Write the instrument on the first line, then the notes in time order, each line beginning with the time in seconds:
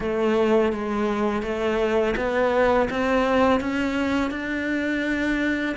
cello
0.00 A3
0.72 G#3
1.42 A3
2.16 B3
2.89 C4
3.60 C#4
4.30 D4